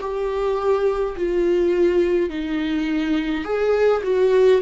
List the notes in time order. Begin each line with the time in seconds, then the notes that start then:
0.00 G4
1.16 F4
2.30 D#4
3.44 G#4
4.03 F#4